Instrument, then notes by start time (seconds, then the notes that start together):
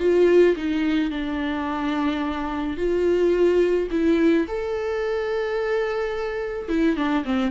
viola
0.00 F4
0.57 D#4
1.11 D4
2.78 F4
3.91 E4
4.48 A4
6.69 E4
6.97 D4
7.25 C4